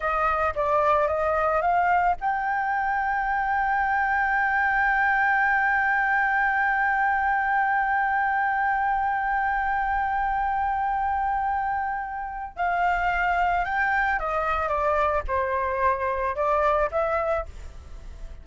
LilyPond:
\new Staff \with { instrumentName = "flute" } { \time 4/4 \tempo 4 = 110 dis''4 d''4 dis''4 f''4 | g''1~ | g''1~ | g''1~ |
g''1~ | g''2. f''4~ | f''4 g''4 dis''4 d''4 | c''2 d''4 e''4 | }